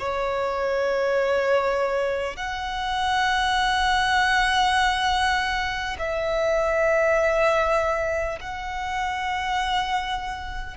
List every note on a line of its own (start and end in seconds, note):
0.00 2.37 C#5
2.37 5.97 F#5
5.99 8.39 E5
8.41 10.77 F#5